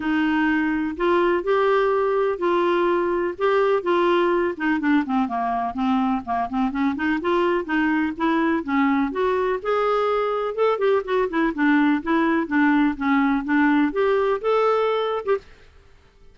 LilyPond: \new Staff \with { instrumentName = "clarinet" } { \time 4/4 \tempo 4 = 125 dis'2 f'4 g'4~ | g'4 f'2 g'4 | f'4. dis'8 d'8 c'8 ais4 | c'4 ais8 c'8 cis'8 dis'8 f'4 |
dis'4 e'4 cis'4 fis'4 | gis'2 a'8 g'8 fis'8 e'8 | d'4 e'4 d'4 cis'4 | d'4 g'4 a'4.~ a'16 g'16 | }